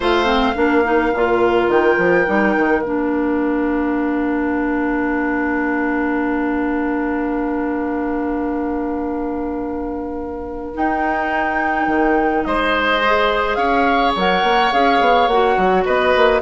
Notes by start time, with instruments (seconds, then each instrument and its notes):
0.00 bassoon A3, clarinet F4, oboe C5, flute F5
0.24 clarinet C4
0.55 bassoon A#3, clarinet D4, oboe A#4
0.84 clarinet D#4
1.13 bassoon A#2, clarinet F4
1.68 bassoon D#3, flute G5
1.97 bassoon F3
2.25 bassoon G3, clarinet D#4
2.57 bassoon D#3
2.81 bassoon A#3, clarinet D4, flute F5
10.74 clarinet D#4, bassoon D#4, flute G5
11.87 bassoon D#3
12.44 bassoon G#3, oboe C5, flute D#5
13.05 clarinet G#4
13.55 bassoon C#4, oboe C#5, flute F5
14.15 bassoon F#3, clarinet A#4, flute F#5
14.43 bassoon A#3
14.72 bassoon C#4, clarinet G#4, flute F5
15.00 bassoon B3
15.27 bassoon A#3, clarinet F#4, flute F#5
15.57 bassoon F#3
15.85 bassoon B3, oboe B4, flute D#5
16.16 bassoon A#3